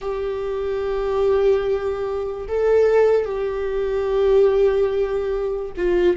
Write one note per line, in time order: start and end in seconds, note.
0.01 2.47 G4
2.48 3.25 A4
3.25 5.72 G4
5.76 6.16 F4